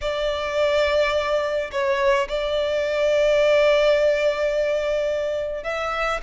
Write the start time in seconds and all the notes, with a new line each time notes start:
0.01 D5
1.71 C#5
2.28 D5
5.63 E5